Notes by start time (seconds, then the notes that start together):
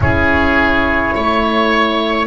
0.00 C#4 E4 G#4 C#5
1.14 A3 C#5